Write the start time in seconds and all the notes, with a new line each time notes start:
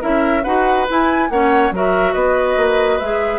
0.00 C#4 E4 A#4 E5
0.43 D#4 F#4 B4 F#5
0.87 E4 G#5
1.29 A#3 C#4 C#5 F#5
1.70 F#3 F#4 A#4 E5
2.13 B3 B4 D#5
2.56 A#3
2.98 G#3 G#4 E5